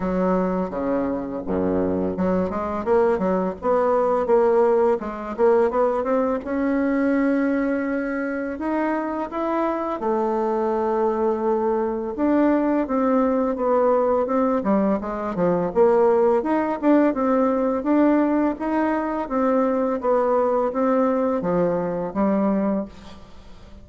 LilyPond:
\new Staff \with { instrumentName = "bassoon" } { \time 4/4 \tempo 4 = 84 fis4 cis4 fis,4 fis8 gis8 | ais8 fis8 b4 ais4 gis8 ais8 | b8 c'8 cis'2. | dis'4 e'4 a2~ |
a4 d'4 c'4 b4 | c'8 g8 gis8 f8 ais4 dis'8 d'8 | c'4 d'4 dis'4 c'4 | b4 c'4 f4 g4 | }